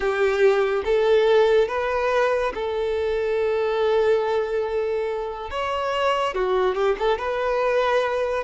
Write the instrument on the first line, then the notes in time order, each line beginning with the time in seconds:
violin
0.00 G4
0.85 A4
1.68 B4
2.54 A4
5.50 C#5
6.34 F#4
6.75 G4
6.98 A4
7.18 B4